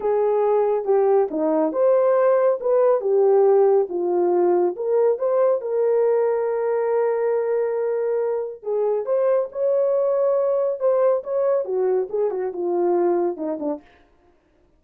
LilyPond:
\new Staff \with { instrumentName = "horn" } { \time 4/4 \tempo 4 = 139 gis'2 g'4 dis'4 | c''2 b'4 g'4~ | g'4 f'2 ais'4 | c''4 ais'2.~ |
ais'1 | gis'4 c''4 cis''2~ | cis''4 c''4 cis''4 fis'4 | gis'8 fis'8 f'2 dis'8 d'8 | }